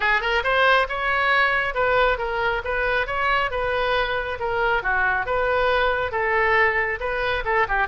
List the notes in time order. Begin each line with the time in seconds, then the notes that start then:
0.00 G#4
0.21 A#4
0.43 C5
0.89 C#5
1.74 B4
2.18 A#4
2.64 B4
3.07 C#5
3.50 B4
4.39 A#4
4.82 F#4
5.26 B4
6.11 A4
7.00 B4
7.45 A4
7.68 G4